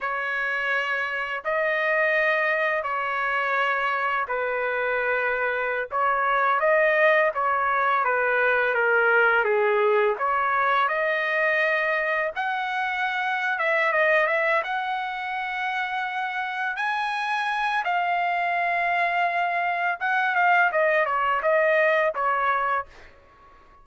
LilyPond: \new Staff \with { instrumentName = "trumpet" } { \time 4/4 \tempo 4 = 84 cis''2 dis''2 | cis''2 b'2~ | b'16 cis''4 dis''4 cis''4 b'8.~ | b'16 ais'4 gis'4 cis''4 dis''8.~ |
dis''4~ dis''16 fis''4.~ fis''16 e''8 dis''8 | e''8 fis''2. gis''8~ | gis''4 f''2. | fis''8 f''8 dis''8 cis''8 dis''4 cis''4 | }